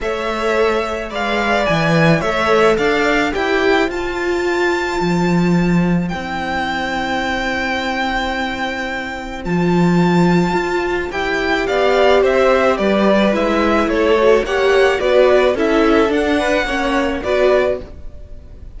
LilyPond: <<
  \new Staff \with { instrumentName = "violin" } { \time 4/4 \tempo 4 = 108 e''2 f''4 gis''4 | e''4 f''4 g''4 a''4~ | a''2. g''4~ | g''1~ |
g''4 a''2. | g''4 f''4 e''4 d''4 | e''4 cis''4 fis''4 d''4 | e''4 fis''2 d''4 | }
  \new Staff \with { instrumentName = "violin" } { \time 4/4 cis''2 d''2 | cis''4 d''4 c''2~ | c''1~ | c''1~ |
c''1~ | c''4 d''4 c''4 b'4~ | b'4 a'4 cis''4 b'4 | a'4. b'8 cis''4 b'4 | }
  \new Staff \with { instrumentName = "viola" } { \time 4/4 a'2 b'2 | a'2 g'4 f'4~ | f'2. e'4~ | e'1~ |
e'4 f'2. | g'1 | e'4. fis'8 g'4 fis'4 | e'4 d'4 cis'4 fis'4 | }
  \new Staff \with { instrumentName = "cello" } { \time 4/4 a2 gis4 e4 | a4 d'4 e'4 f'4~ | f'4 f2 c'4~ | c'1~ |
c'4 f2 f'4 | e'4 b4 c'4 g4 | gis4 a4 ais4 b4 | cis'4 d'4 ais4 b4 | }
>>